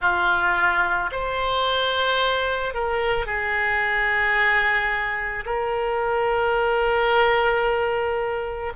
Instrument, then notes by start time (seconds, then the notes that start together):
oboe
0.01 F4
1.12 C5
2.73 A#4
3.26 G#4
5.45 A#4